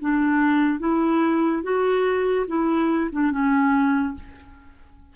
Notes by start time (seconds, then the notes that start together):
0.00 D4
0.79 E4
1.62 F#4
2.47 E4
3.12 D4
3.31 C#4